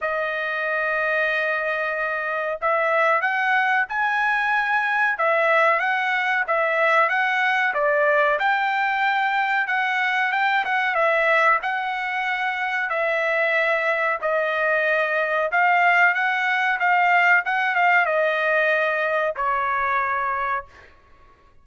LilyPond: \new Staff \with { instrumentName = "trumpet" } { \time 4/4 \tempo 4 = 93 dis''1 | e''4 fis''4 gis''2 | e''4 fis''4 e''4 fis''4 | d''4 g''2 fis''4 |
g''8 fis''8 e''4 fis''2 | e''2 dis''2 | f''4 fis''4 f''4 fis''8 f''8 | dis''2 cis''2 | }